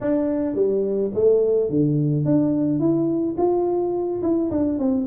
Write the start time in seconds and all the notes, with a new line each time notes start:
0.01 D4
0.55 G3
1.14 A3
1.69 D3
2.25 D4
2.79 E4
3.37 F4
4.22 E4
4.50 D4
4.78 C4